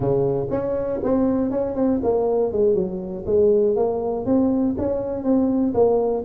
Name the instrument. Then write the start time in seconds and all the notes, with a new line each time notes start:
tuba
0.00 C#3
0.50 C#4
1.03 C4
1.50 C#4
1.75 C4
2.03 A#3
2.52 G#3
2.74 F#3
3.25 G#3
3.76 A#3
4.25 C4
4.77 C#4
5.23 C4
5.74 A#3